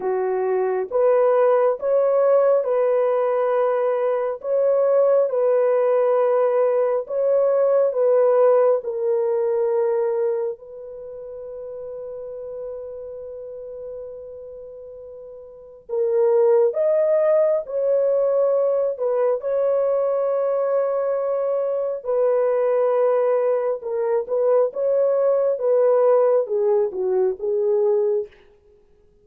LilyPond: \new Staff \with { instrumentName = "horn" } { \time 4/4 \tempo 4 = 68 fis'4 b'4 cis''4 b'4~ | b'4 cis''4 b'2 | cis''4 b'4 ais'2 | b'1~ |
b'2 ais'4 dis''4 | cis''4. b'8 cis''2~ | cis''4 b'2 ais'8 b'8 | cis''4 b'4 gis'8 fis'8 gis'4 | }